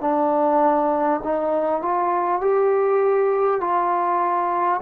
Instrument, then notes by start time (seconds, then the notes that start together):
trombone
0.00 D4
1.23 D#4
1.81 F4
2.41 G4
3.61 F4